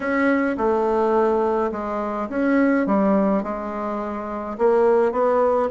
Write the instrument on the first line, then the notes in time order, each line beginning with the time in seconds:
bassoon
0.00 C#4
0.57 A3
1.71 G#3
2.29 C#4
2.86 G3
3.43 G#3
4.58 A#3
5.12 B3